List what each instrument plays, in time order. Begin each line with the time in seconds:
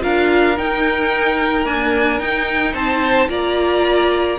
0.00 cello D4, viola F4, violin A#4 F5
0.57 viola D#4, cello D#4, violin G5
1.65 viola A#3, cello D4, violin G#5
2.19 viola D#4, cello D#4, violin G5
2.73 cello C4, violin C5 A5
3.28 cello A#3, viola F4, violin D5 A#5